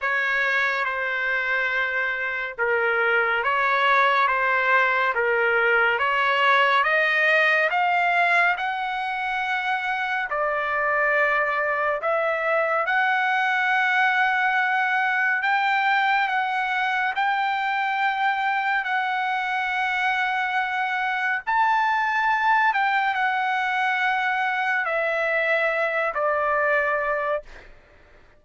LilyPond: \new Staff \with { instrumentName = "trumpet" } { \time 4/4 \tempo 4 = 70 cis''4 c''2 ais'4 | cis''4 c''4 ais'4 cis''4 | dis''4 f''4 fis''2 | d''2 e''4 fis''4~ |
fis''2 g''4 fis''4 | g''2 fis''2~ | fis''4 a''4. g''8 fis''4~ | fis''4 e''4. d''4. | }